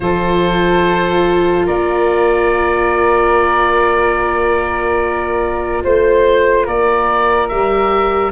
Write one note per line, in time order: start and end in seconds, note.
0.00 1.66 F3
0.00 7.51 F4
0.00 1.66 A4
0.00 1.66 C5
1.66 5.83 A#3
1.66 5.82 A#4
1.66 5.83 D5
5.83 6.66 A3
5.83 6.66 C5
5.83 6.65 C5
6.65 7.50 A#3
6.65 8.31 A#4
6.65 7.48 D5
7.48 8.32 G3
7.48 8.32 G4
7.48 8.31 E5